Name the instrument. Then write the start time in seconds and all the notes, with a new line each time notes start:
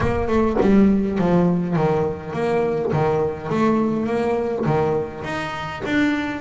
double bass
0.00 A#3
0.28 A3
0.60 G3
1.18 F3
1.76 D#3
2.33 A#3
2.92 D#3
3.49 A3
4.06 A#3
4.65 D#3
5.23 D#4
5.85 D4